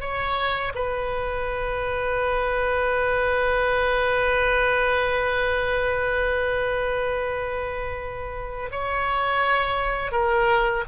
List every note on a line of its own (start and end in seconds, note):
0.00 0.72 C#5
0.74 8.69 B4
8.71 10.11 C#5
10.11 10.83 A#4